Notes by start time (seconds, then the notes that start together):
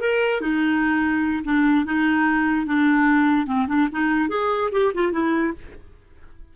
0.00 A#4
0.41 D#4
1.44 D4
1.85 D#4
2.66 D4
3.47 C4
3.68 D4
3.92 D#4
4.29 G#4
4.72 G4
4.94 F4
5.12 E4